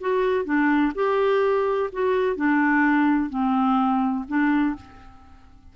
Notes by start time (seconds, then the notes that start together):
0.00 F#4
0.45 D4
0.95 G4
1.92 F#4
2.36 D4
3.29 C4
4.28 D4